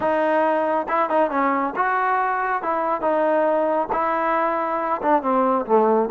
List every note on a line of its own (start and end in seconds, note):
0.00 0.86 D#4
0.88 1.09 E4
1.09 1.30 D#4
1.30 1.74 C#4
1.75 2.62 F#4
2.62 3.01 E4
3.01 3.88 D#4
3.92 5.01 E4
5.02 5.22 D4
5.22 5.65 C4
5.66 6.09 A3